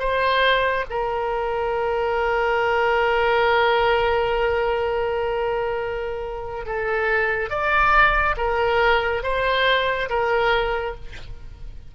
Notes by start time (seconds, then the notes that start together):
0.00 C5
0.90 A#4
6.66 A4
7.50 D5
8.38 A#4
9.24 C5
10.10 A#4